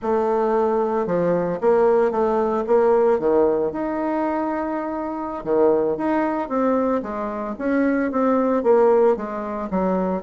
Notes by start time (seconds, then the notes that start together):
0.02 A3
1.06 F3
1.60 A#3
2.11 A3
2.67 A#3
3.19 D#3
3.72 D#4
5.44 D#3
5.97 D#4
6.49 C4
7.02 G#3
7.58 C#4
8.11 C4
8.63 A#3
9.16 G#3
9.70 F#3